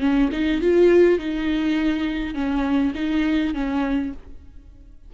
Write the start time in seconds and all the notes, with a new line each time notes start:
0.00 C#4
0.32 D#4
0.61 F4
1.19 D#4
2.34 C#4
2.95 D#4
3.54 C#4